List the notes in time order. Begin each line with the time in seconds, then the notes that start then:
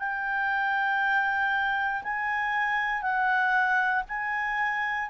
0.00 G5
2.04 G#5
3.02 F#5
4.09 G#5